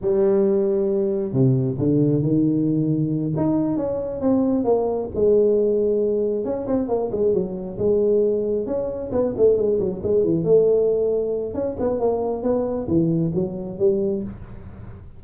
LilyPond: \new Staff \with { instrumentName = "tuba" } { \time 4/4 \tempo 4 = 135 g2. c4 | d4 dis2~ dis8 dis'8~ | dis'8 cis'4 c'4 ais4 gis8~ | gis2~ gis8 cis'8 c'8 ais8 |
gis8 fis4 gis2 cis'8~ | cis'8 b8 a8 gis8 fis8 gis8 e8 a8~ | a2 cis'8 b8 ais4 | b4 e4 fis4 g4 | }